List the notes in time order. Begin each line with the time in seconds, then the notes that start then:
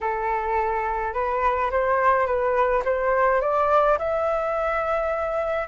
0.01 A4
1.13 B4
1.71 C5
2.26 B4
2.85 C5
3.41 D5
3.98 E5